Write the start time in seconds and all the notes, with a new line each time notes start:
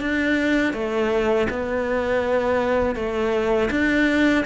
0.00 D4
0.74 A3
1.50 B3
2.96 A3
3.71 D4